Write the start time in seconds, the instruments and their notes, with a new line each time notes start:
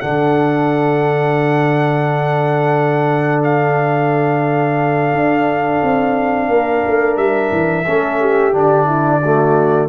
0.00 tuba D3, trombone D4, horn A4, trumpet F#5
3.43 trumpet F5
5.12 tuba D4
5.82 tuba C4
6.48 tuba A#3, horn A#4
6.87 tuba A3
7.16 tuba G3, trumpet E5
7.51 tuba E3
7.86 tuba A3, trombone C#4, horn A4
8.20 horn G4
8.52 tuba D3, trombone D4, trumpet D5
8.86 horn E4
9.22 trombone A3, horn F#4